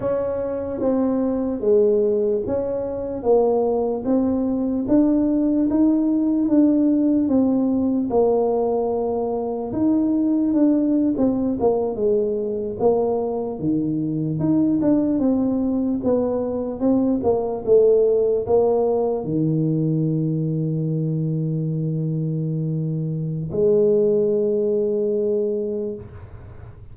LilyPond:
\new Staff \with { instrumentName = "tuba" } { \time 4/4 \tempo 4 = 74 cis'4 c'4 gis4 cis'4 | ais4 c'4 d'4 dis'4 | d'4 c'4 ais2 | dis'4 d'8. c'8 ais8 gis4 ais16~ |
ais8. dis4 dis'8 d'8 c'4 b16~ | b8. c'8 ais8 a4 ais4 dis16~ | dis1~ | dis4 gis2. | }